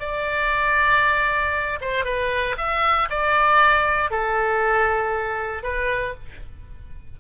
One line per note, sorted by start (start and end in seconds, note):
0.00 1.79 D5
1.81 2.05 C5
2.05 2.56 B4
2.58 3.09 E5
3.10 4.11 D5
4.11 5.63 A4
5.63 6.15 B4